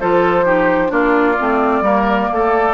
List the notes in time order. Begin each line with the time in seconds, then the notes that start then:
0.00 F3 F4 A4 C5
0.45 D#4 G4
0.88 A#3 D4 F4 D5
1.38 A3 C4
1.81 G3 A#3 A#4
2.32 A3 A4